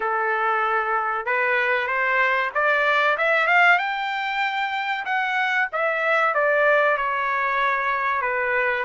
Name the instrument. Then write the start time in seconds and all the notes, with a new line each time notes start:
trumpet
0.00 A4
1.25 B4
1.87 C5
2.54 D5
3.17 E5
3.47 F5
3.78 G5
5.05 F#5
5.72 E5
6.34 D5
6.97 C#5
8.21 B4